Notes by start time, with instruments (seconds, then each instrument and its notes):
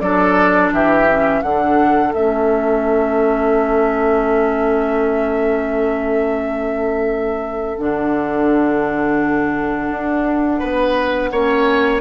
0.00 bassoon F#3, clarinet D4, oboe A4, flute D5
0.72 bassoon E3, oboe G4, flute E5
1.09 clarinet C#4
1.42 bassoon D3, clarinet D4, oboe A4, flute F#5
2.13 bassoon A3, clarinet C#4, flute E5
7.77 bassoon D3, clarinet D4, flute F#5
9.90 bassoon D4
10.59 bassoon B3, oboe B4
11.31 bassoon A#3, clarinet C#4, oboe C#5